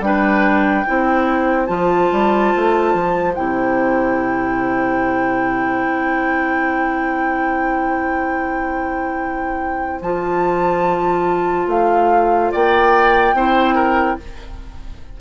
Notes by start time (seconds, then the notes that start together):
0.00 G3 D4 B4 G5
0.86 C4 E4 C5
1.66 F3 F4 A5
2.12 G3
2.55 A3
2.93 F3
3.34 C3 E4 G5
5.86 C4
10.01 F3 F4 A5
11.67 A3 F5
12.52 A#3 D5 G5
13.34 C4 E4 C5
13.74 A#4